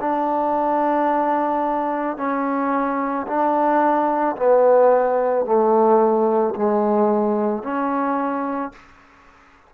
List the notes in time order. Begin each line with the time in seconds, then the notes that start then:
0.00 D4
2.17 C#4
3.27 D4
4.36 B3
5.45 A3
6.55 G#3
7.63 C#4